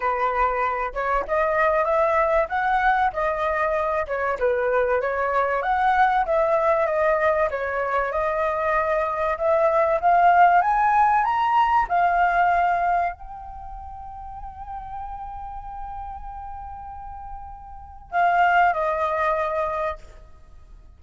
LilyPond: \new Staff \with { instrumentName = "flute" } { \time 4/4 \tempo 4 = 96 b'4. cis''8 dis''4 e''4 | fis''4 dis''4. cis''8 b'4 | cis''4 fis''4 e''4 dis''4 | cis''4 dis''2 e''4 |
f''4 gis''4 ais''4 f''4~ | f''4 g''2.~ | g''1~ | g''4 f''4 dis''2 | }